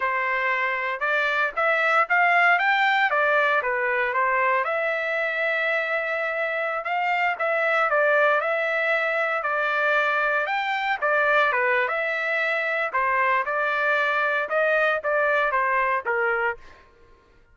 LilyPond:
\new Staff \with { instrumentName = "trumpet" } { \time 4/4 \tempo 4 = 116 c''2 d''4 e''4 | f''4 g''4 d''4 b'4 | c''4 e''2.~ | e''4~ e''16 f''4 e''4 d''8.~ |
d''16 e''2 d''4.~ d''16~ | d''16 g''4 d''4 b'8. e''4~ | e''4 c''4 d''2 | dis''4 d''4 c''4 ais'4 | }